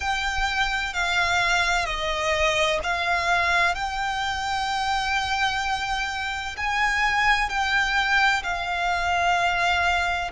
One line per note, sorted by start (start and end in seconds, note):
0.00 0.93 G5
0.93 1.85 F5
1.85 2.79 D#5
2.83 3.74 F5
3.74 6.55 G5
6.56 7.49 G#5
7.49 8.42 G5
8.43 10.30 F5